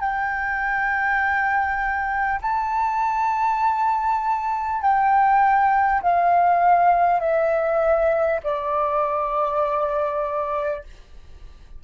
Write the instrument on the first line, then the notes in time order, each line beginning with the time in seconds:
flute
0.00 G5
2.42 A5
4.82 G5
6.02 F5
7.21 E5
8.44 D5